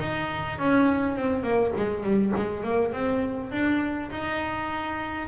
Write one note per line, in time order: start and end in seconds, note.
0.00 0.59 D#4
0.59 1.17 C#4
1.17 1.43 C4
1.43 1.72 A#3
1.77 2.03 G#3
2.03 2.33 G3
2.36 2.63 G#3
2.63 2.93 A#3
2.93 3.52 C4
3.52 4.10 D4
4.11 5.28 D#4